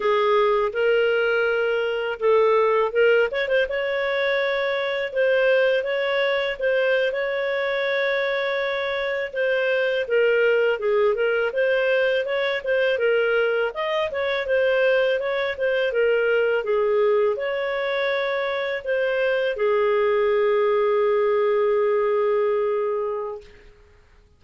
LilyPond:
\new Staff \with { instrumentName = "clarinet" } { \time 4/4 \tempo 4 = 82 gis'4 ais'2 a'4 | ais'8 cis''16 c''16 cis''2 c''4 | cis''4 c''8. cis''2~ cis''16~ | cis''8. c''4 ais'4 gis'8 ais'8 c''16~ |
c''8. cis''8 c''8 ais'4 dis''8 cis''8 c''16~ | c''8. cis''8 c''8 ais'4 gis'4 cis''16~ | cis''4.~ cis''16 c''4 gis'4~ gis'16~ | gis'1 | }